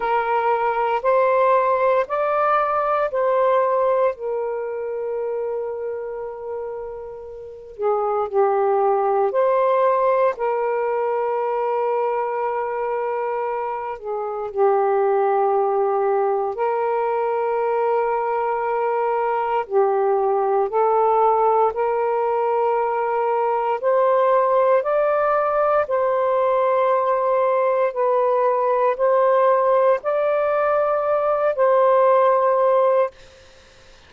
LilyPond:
\new Staff \with { instrumentName = "saxophone" } { \time 4/4 \tempo 4 = 58 ais'4 c''4 d''4 c''4 | ais'2.~ ais'8 gis'8 | g'4 c''4 ais'2~ | ais'4. gis'8 g'2 |
ais'2. g'4 | a'4 ais'2 c''4 | d''4 c''2 b'4 | c''4 d''4. c''4. | }